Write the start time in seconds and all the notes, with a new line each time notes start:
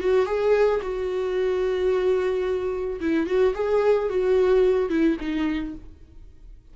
0.00 F#4
0.26 G#4
0.82 F#4
3.01 E4
3.27 F#4
3.55 G#4
4.09 F#4
4.90 E4
5.20 D#4